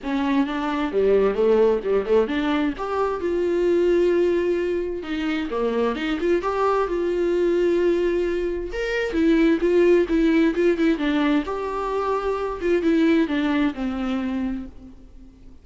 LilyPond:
\new Staff \with { instrumentName = "viola" } { \time 4/4 \tempo 4 = 131 cis'4 d'4 g4 a4 | g8 a8 d'4 g'4 f'4~ | f'2. dis'4 | ais4 dis'8 f'8 g'4 f'4~ |
f'2. ais'4 | e'4 f'4 e'4 f'8 e'8 | d'4 g'2~ g'8 f'8 | e'4 d'4 c'2 | }